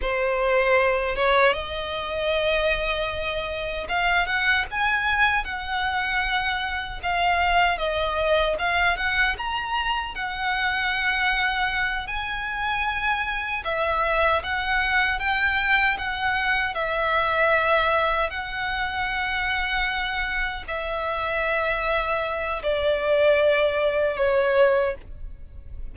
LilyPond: \new Staff \with { instrumentName = "violin" } { \time 4/4 \tempo 4 = 77 c''4. cis''8 dis''2~ | dis''4 f''8 fis''8 gis''4 fis''4~ | fis''4 f''4 dis''4 f''8 fis''8 | ais''4 fis''2~ fis''8 gis''8~ |
gis''4. e''4 fis''4 g''8~ | g''8 fis''4 e''2 fis''8~ | fis''2~ fis''8 e''4.~ | e''4 d''2 cis''4 | }